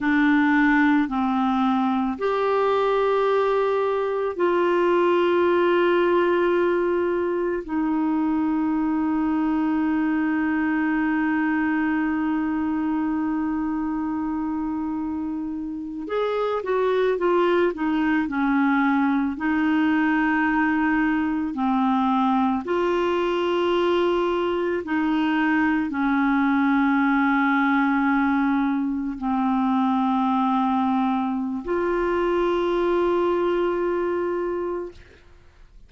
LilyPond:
\new Staff \with { instrumentName = "clarinet" } { \time 4/4 \tempo 4 = 55 d'4 c'4 g'2 | f'2. dis'4~ | dis'1~ | dis'2~ dis'8. gis'8 fis'8 f'16~ |
f'16 dis'8 cis'4 dis'2 c'16~ | c'8. f'2 dis'4 cis'16~ | cis'2~ cis'8. c'4~ c'16~ | c'4 f'2. | }